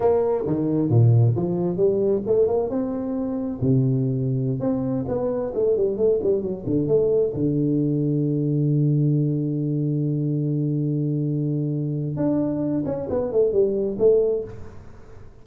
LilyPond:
\new Staff \with { instrumentName = "tuba" } { \time 4/4 \tempo 4 = 133 ais4 dis4 ais,4 f4 | g4 a8 ais8 c'2 | c2~ c16 c'4 b8.~ | b16 a8 g8 a8 g8 fis8 d8 a8.~ |
a16 d2.~ d8.~ | d1~ | d2. d'4~ | d'8 cis'8 b8 a8 g4 a4 | }